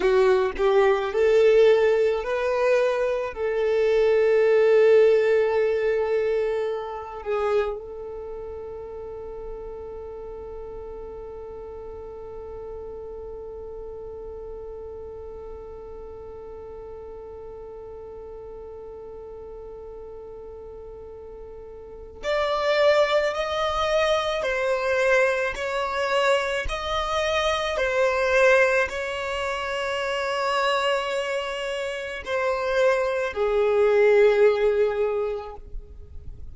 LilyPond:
\new Staff \with { instrumentName = "violin" } { \time 4/4 \tempo 4 = 54 fis'8 g'8 a'4 b'4 a'4~ | a'2~ a'8 gis'8 a'4~ | a'1~ | a'1~ |
a'1 | d''4 dis''4 c''4 cis''4 | dis''4 c''4 cis''2~ | cis''4 c''4 gis'2 | }